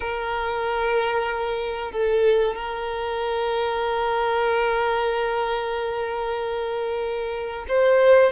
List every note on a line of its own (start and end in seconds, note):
0.00 1.91 A#4
1.91 2.55 A4
2.55 7.65 A#4
7.68 8.32 C5